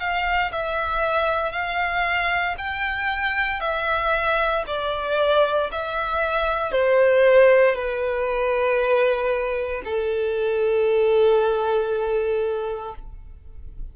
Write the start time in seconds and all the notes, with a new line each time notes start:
0.00 F5
0.52 E5
1.52 F5
2.58 G5
3.61 E5
4.67 D5
5.72 E5
6.72 C5
7.75 B4
9.85 A4